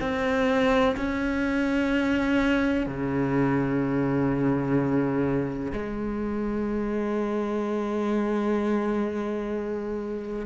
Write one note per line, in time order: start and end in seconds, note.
0.00 0.95 C4
0.96 2.86 C#4
2.86 5.72 C#3
5.72 10.45 G#3